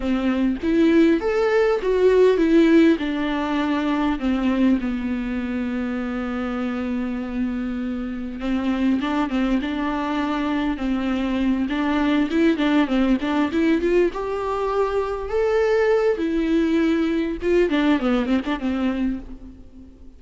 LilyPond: \new Staff \with { instrumentName = "viola" } { \time 4/4 \tempo 4 = 100 c'4 e'4 a'4 fis'4 | e'4 d'2 c'4 | b1~ | b2 c'4 d'8 c'8 |
d'2 c'4. d'8~ | d'8 e'8 d'8 c'8 d'8 e'8 f'8 g'8~ | g'4. a'4. e'4~ | e'4 f'8 d'8 b8 c'16 d'16 c'4 | }